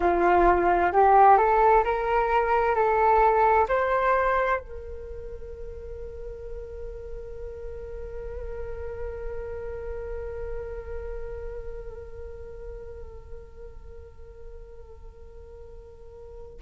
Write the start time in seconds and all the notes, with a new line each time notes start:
0.00 F4
0.92 G4
1.37 A4
1.84 A#4
2.74 A4
3.68 C5
4.59 A#4